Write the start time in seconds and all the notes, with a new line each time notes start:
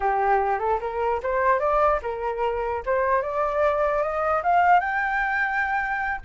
0.00 G4
0.59 A4
0.80 A#4
1.22 C5
1.59 D5
2.02 A#4
2.85 C5
3.22 D5
4.02 D#5
4.43 F5
4.80 G5